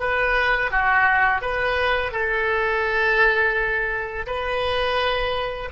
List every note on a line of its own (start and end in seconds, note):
0.00 0.71 B4
0.71 1.42 F#4
1.42 2.12 B4
2.12 4.26 A4
4.27 5.70 B4